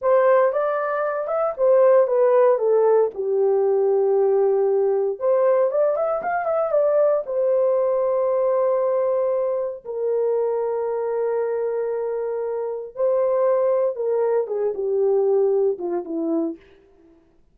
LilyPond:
\new Staff \with { instrumentName = "horn" } { \time 4/4 \tempo 4 = 116 c''4 d''4. e''8 c''4 | b'4 a'4 g'2~ | g'2 c''4 d''8 e''8 | f''8 e''8 d''4 c''2~ |
c''2. ais'4~ | ais'1~ | ais'4 c''2 ais'4 | gis'8 g'2 f'8 e'4 | }